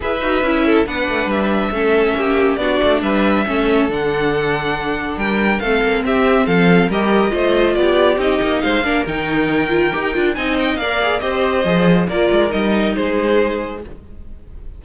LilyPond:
<<
  \new Staff \with { instrumentName = "violin" } { \time 4/4 \tempo 4 = 139 e''2 fis''4 e''4~ | e''2 d''4 e''4~ | e''4 fis''2. | g''4 f''4 e''4 f''4 |
dis''2 d''4 dis''4 | f''4 g''2. | gis''8 g''8 f''4 dis''2 | d''4 dis''4 c''2 | }
  \new Staff \with { instrumentName = "violin" } { \time 4/4 b'4. a'8 b'2 | a'4 g'4 fis'4 b'4 | a'1 | ais'4 a'4 g'4 a'4 |
ais'4 c''4 g'2 | c''8 ais'2.~ ais'8 | dis''4 d''4 c''2 | ais'2 gis'2 | }
  \new Staff \with { instrumentName = "viola" } { \time 4/4 gis'8 fis'8 e'4 d'2 | cis'2 d'2 | cis'4 d'2.~ | d'4 c'2. |
g'4 f'2 dis'4~ | dis'8 d'8 dis'4. f'8 g'8 f'8 | dis'4 ais'8 gis'8 g'4 gis'4 | f'4 dis'2. | }
  \new Staff \with { instrumentName = "cello" } { \time 4/4 e'8 dis'8 cis'4 b8 a8 g4 | a4 ais4 b8 a8 g4 | a4 d2. | g4 a8 ais8 c'4 f4 |
g4 a4 b4 c'8 ais8 | gis8 ais8 dis2 dis'8 d'8 | c'4 ais4 c'4 f4 | ais8 gis8 g4 gis2 | }
>>